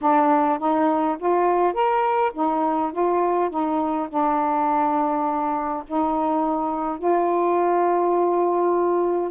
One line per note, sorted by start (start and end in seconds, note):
0.01 0.58 D4
0.58 1.17 D#4
1.19 1.73 F4
1.73 2.31 A#4
2.34 2.92 D#4
2.92 3.50 F4
3.50 4.08 D#4
4.09 5.83 D4
5.87 6.98 D#4
6.98 9.31 F4